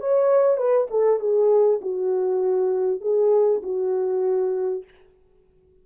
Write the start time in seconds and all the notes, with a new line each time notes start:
0.00 C#5
0.57 B4
0.90 A4
1.20 G#4
1.81 F#4
3.01 G#4
3.63 F#4